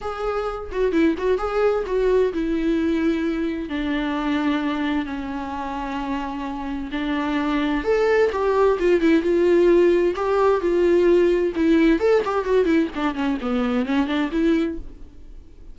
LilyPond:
\new Staff \with { instrumentName = "viola" } { \time 4/4 \tempo 4 = 130 gis'4. fis'8 e'8 fis'8 gis'4 | fis'4 e'2. | d'2. cis'4~ | cis'2. d'4~ |
d'4 a'4 g'4 f'8 e'8 | f'2 g'4 f'4~ | f'4 e'4 a'8 g'8 fis'8 e'8 | d'8 cis'8 b4 cis'8 d'8 e'4 | }